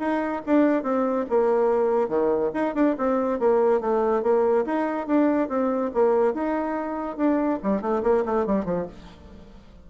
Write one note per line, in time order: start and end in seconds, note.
0.00 0.42 D#4
0.47 0.83 D4
0.83 1.26 C4
1.30 2.09 A#3
2.09 2.51 D#3
2.54 2.75 D#4
2.75 2.96 D4
2.98 3.40 C4
3.40 3.81 A#3
3.81 4.23 A3
4.23 4.65 A#3
4.66 5.07 D#4
5.07 5.49 D4
5.49 5.91 C4
5.94 6.34 A#3
6.34 7.17 D#4
7.17 7.59 D4
7.63 7.82 G3
7.82 8.03 A3
8.04 8.25 A#3
8.26 8.47 A3
8.47 8.65 G3
8.65 8.86 F3